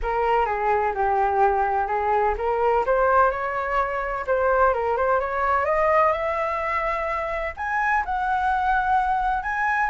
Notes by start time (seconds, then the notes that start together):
0.02 A#4
0.45 G#4
0.94 G4
1.87 G#4
2.37 A#4
2.86 C5
3.30 C#5
4.26 C5
4.73 A#4
4.96 C5
5.19 C#5
5.65 D#5
6.12 E5
7.56 G#5
8.05 F#5
9.42 G#5